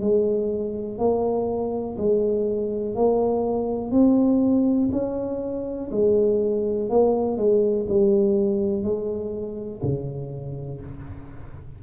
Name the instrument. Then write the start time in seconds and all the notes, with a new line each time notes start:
tuba
0.00 G#3
0.98 A#3
1.97 G#3
2.95 A#3
3.91 C4
4.92 C#4
5.91 G#3
6.89 A#3
7.37 G#3
7.89 G3
8.83 G#3
9.82 C#3